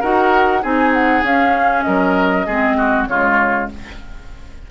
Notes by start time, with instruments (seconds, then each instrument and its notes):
0.00 bassoon D#4, clarinet F#4, oboe A#4, flute F#5
0.62 bassoon C4, clarinet D#4, oboe G#4, flute G#5
0.93 flute F#5
1.22 bassoon C#4, clarinet C#4, flute F5
1.82 bassoon F#3, oboe A#4, flute D#5
2.46 bassoon G#3, clarinet C4, oboe G#4
2.77 oboe F#4
3.07 bassoon C#3, clarinet G#3, oboe F4, flute C#5